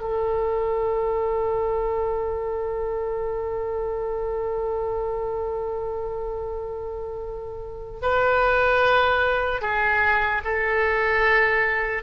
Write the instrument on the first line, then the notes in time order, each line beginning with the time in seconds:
oboe
0.00 A4
8.02 B4
9.61 G#4
10.44 A4